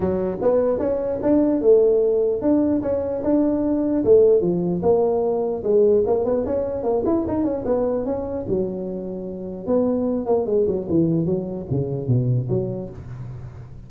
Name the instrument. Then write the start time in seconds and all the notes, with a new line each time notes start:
tuba
0.00 F#3
0.41 B3
0.79 C#4
1.22 D4
1.61 A3
2.41 D4
2.82 C#4
3.23 D4
4.04 A3
4.41 F3
4.82 A#3
5.63 G#3
6.06 A#3
6.24 B3
6.45 C#4
6.83 A#3
7.05 E4
7.27 D#4
7.44 C#4
7.65 B3
8.05 C#4
8.48 F#3
9.66 B3
10.25 A#3
10.46 G#3
10.67 F#3
10.89 E3
11.25 F#3
11.70 C#3
12.07 B2
12.49 F#3